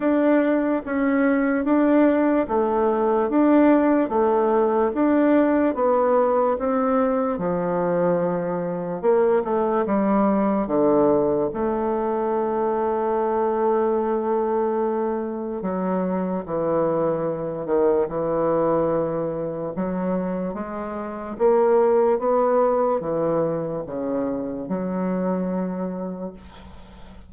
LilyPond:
\new Staff \with { instrumentName = "bassoon" } { \time 4/4 \tempo 4 = 73 d'4 cis'4 d'4 a4 | d'4 a4 d'4 b4 | c'4 f2 ais8 a8 | g4 d4 a2~ |
a2. fis4 | e4. dis8 e2 | fis4 gis4 ais4 b4 | e4 cis4 fis2 | }